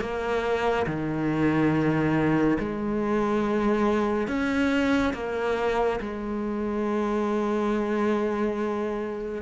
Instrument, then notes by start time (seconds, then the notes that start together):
cello
0.00 A#3
0.86 D#3
2.59 G#3
4.27 C#4
5.13 A#3
6.00 G#3